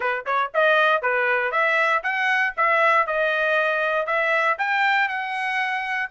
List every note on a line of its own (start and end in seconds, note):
0.00 0.24 B4
0.26 0.51 C#5
0.53 1.02 D#5
1.02 1.51 B4
1.51 2.02 E5
2.03 2.54 F#5
2.56 3.06 E5
3.06 4.06 D#5
4.06 4.57 E5
4.58 5.08 G5
5.08 6.10 F#5